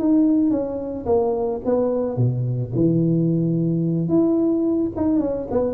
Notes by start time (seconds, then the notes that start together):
0.00 D#4
0.51 C#4
1.06 A#3
1.66 B3
2.17 B2
2.75 E3
4.09 E4
4.97 D#4
5.20 C#4
5.52 B3